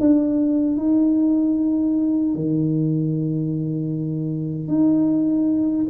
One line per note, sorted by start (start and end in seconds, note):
0.00 0.77 D4
0.77 2.35 D#4
2.35 4.68 D#3
4.68 5.86 D#4